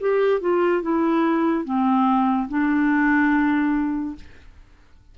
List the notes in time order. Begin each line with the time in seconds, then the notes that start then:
0.00 G4
0.41 F4
0.82 E4
1.64 C4
2.48 D4